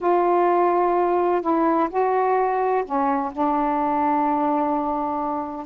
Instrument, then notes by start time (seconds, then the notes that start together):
saxophone
0.00 F4
1.41 E4
1.89 F#4
2.85 C#4
3.32 D4